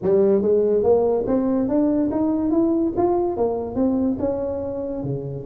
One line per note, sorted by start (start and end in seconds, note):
0.02 0.42 G3
0.42 0.83 G#3
0.83 1.25 A#3
1.26 1.68 C4
1.68 2.10 D4
2.11 2.51 D#4
2.51 2.93 E4
2.96 3.37 F4
3.37 3.75 A#3
3.75 4.17 C4
4.19 5.03 C#4
5.03 5.45 C#3